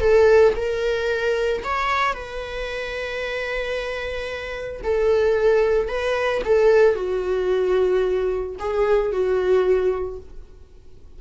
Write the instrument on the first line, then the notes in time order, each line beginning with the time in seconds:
viola
0.00 A4
0.56 A#4
1.64 C#5
2.14 B4
4.83 A4
5.88 B4
6.45 A4
6.95 F#4
8.59 G#4
9.12 F#4